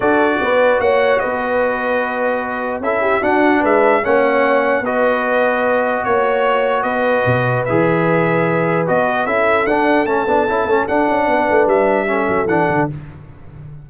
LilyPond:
<<
  \new Staff \with { instrumentName = "trumpet" } { \time 4/4 \tempo 4 = 149 d''2 fis''4 dis''4~ | dis''2. e''4 | fis''4 e''4 fis''2 | dis''2. cis''4~ |
cis''4 dis''2 e''4~ | e''2 dis''4 e''4 | fis''4 a''2 fis''4~ | fis''4 e''2 fis''4 | }
  \new Staff \with { instrumentName = "horn" } { \time 4/4 a'4 b'4 cis''4 b'4~ | b'2. a'8 g'8 | fis'4 b'4 cis''2 | b'2. cis''4~ |
cis''4 b'2.~ | b'2. a'4~ | a'1 | b'2 a'2 | }
  \new Staff \with { instrumentName = "trombone" } { \time 4/4 fis'1~ | fis'2. e'4 | d'2 cis'2 | fis'1~ |
fis'2. gis'4~ | gis'2 fis'4 e'4 | d'4 cis'8 d'8 e'8 cis'8 d'4~ | d'2 cis'4 d'4 | }
  \new Staff \with { instrumentName = "tuba" } { \time 4/4 d'4 b4 ais4 b4~ | b2. cis'4 | d'4 gis4 ais2 | b2. ais4~ |
ais4 b4 b,4 e4~ | e2 b4 cis'4 | d'4 a8 b8 cis'8 a8 d'8 cis'8 | b8 a8 g4. fis8 e8 d8 | }
>>